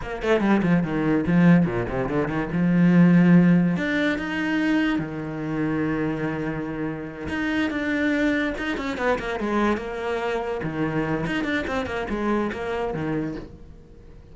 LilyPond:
\new Staff \with { instrumentName = "cello" } { \time 4/4 \tempo 4 = 144 ais8 a8 g8 f8 dis4 f4 | ais,8 c8 d8 dis8 f2~ | f4 d'4 dis'2 | dis1~ |
dis4. dis'4 d'4.~ | d'8 dis'8 cis'8 b8 ais8 gis4 ais8~ | ais4. dis4. dis'8 d'8 | c'8 ais8 gis4 ais4 dis4 | }